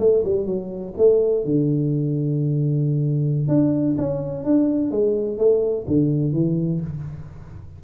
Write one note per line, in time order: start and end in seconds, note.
0.00 0.24 A3
0.25 0.46 G3
0.46 0.94 F#3
0.98 1.45 A3
1.45 3.49 D3
3.49 3.97 D4
3.98 4.45 C#4
4.45 4.91 D4
4.91 5.38 G#3
5.38 5.86 A3
5.88 6.33 D3
6.33 6.81 E3